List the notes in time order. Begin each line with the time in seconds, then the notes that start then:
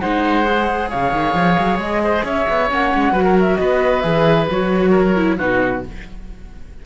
0.00 G#3 D#4 C5 F#5
0.44 G#4
0.90 C#3 C#5 F5
1.13 D#3
1.35 F3
1.59 F#3
1.78 G#3 D#5
2.04 C5
2.24 C#4 C#5 E5
2.49 B3
2.69 A#3 C#4 F#5
2.95 G#3
3.12 F#3 F#4 B4
3.23 A#4
3.40 E5
3.57 B3 B4 D#5
4.01 E3 G#4 E5
4.50 F#3 F#4 C#5
4.91 A#4
5.16 E4
5.38 B2 D#4 F#4 B4